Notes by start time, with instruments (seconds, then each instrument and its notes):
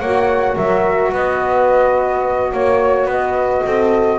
0.00 double bass A#3, saxophone F#4, horn C#5, flute F#5
0.56 double bass F#3, horn A#4, flute E5
1.13 double bass B3, horn B4, flute D#5
2.53 double bass A#3, flute C#5, horn C#5
3.06 double bass B3, horn B4, flute D#5
3.66 double bass C4, horn A4